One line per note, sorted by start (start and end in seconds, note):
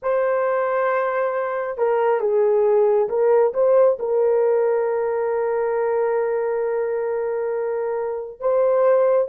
0.02 1.77 C5
1.77 2.20 A#4
2.20 3.08 G#4
3.09 3.53 A#4
3.53 3.97 C5
3.99 8.40 A#4
8.40 9.28 C5